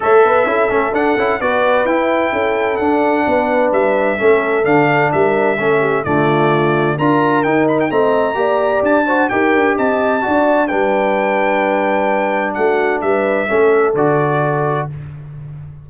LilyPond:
<<
  \new Staff \with { instrumentName = "trumpet" } { \time 4/4 \tempo 4 = 129 e''2 fis''4 d''4 | g''2 fis''2 | e''2 f''4 e''4~ | e''4 d''2 ais''4 |
g''8 b''16 g''16 ais''2 a''4 | g''4 a''2 g''4~ | g''2. fis''4 | e''2 d''2 | }
  \new Staff \with { instrumentName = "horn" } { \time 4/4 cis''8 b'8 a'2 b'4~ | b'4 a'2 b'4~ | b'4 a'2 ais'4 | a'8 g'8 f'2 ais'4~ |
ais'4 dis''4 d''4. c''8 | ais'4 dis''4 d''4 b'4~ | b'2. fis'4 | b'4 a'2. | }
  \new Staff \with { instrumentName = "trombone" } { \time 4/4 a'4 e'8 cis'8 d'8 e'8 fis'4 | e'2 d'2~ | d'4 cis'4 d'2 | cis'4 a2 f'4 |
dis'4 c'4 g'4. fis'8 | g'2 fis'4 d'4~ | d'1~ | d'4 cis'4 fis'2 | }
  \new Staff \with { instrumentName = "tuba" } { \time 4/4 a8 b8 cis'8 a8 d'8 cis'8 b4 | e'4 cis'4 d'4 b4 | g4 a4 d4 g4 | a4 d2 d'4 |
dis'4 a4 ais4 d'4 | dis'8 d'8 c'4 d'4 g4~ | g2. a4 | g4 a4 d2 | }
>>